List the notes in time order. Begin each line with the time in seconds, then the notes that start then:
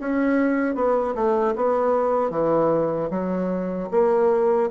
0.00 C#4
0.75 B3
1.15 A3
1.56 B3
2.30 E3
3.10 F#3
3.91 A#3